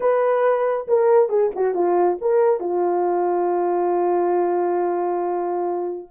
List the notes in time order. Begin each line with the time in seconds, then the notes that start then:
0.00 B4
0.87 A#4
1.29 G#4
1.55 F#4
1.74 F4
2.21 A#4
2.60 F4